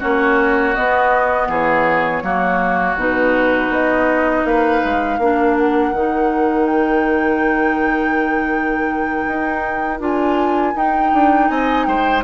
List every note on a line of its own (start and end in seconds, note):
0.00 0.77 A#3
0.00 0.74 C#4
0.00 1.48 F#4
0.00 0.74 C#5
0.74 2.23 B3
0.74 1.48 B3
0.74 1.48 D#5
1.48 2.22 E3
1.48 2.23 G#4
1.48 3.00 C#5
2.23 2.96 F#3
2.23 2.97 A#3
2.23 4.46 F#4
2.96 3.69 B2
2.96 5.20 D#4
2.96 3.72 B4
3.69 4.43 B3
3.69 4.46 D#5
4.44 4.81 A#3
4.44 5.20 B4
4.44 5.57 F5
4.85 5.18 G#3
5.18 5.92 A#3
5.18 5.95 D4
5.18 11.49 A#4
5.57 6.67 F#5
5.92 9.25 D#3
5.92 10.00 D#4
6.67 10.00 G5
9.28 10.00 D#4
10.00 10.74 D4
10.00 10.74 F4
10.00 10.77 G#5
10.75 12.23 D#4
10.75 11.12 D#4
10.75 11.48 G5
11.13 11.50 D4
11.48 11.87 C4
11.48 11.87 D#5
11.48 11.85 G#5
11.85 12.23 G#3
11.85 12.23 C5
11.85 12.22 G5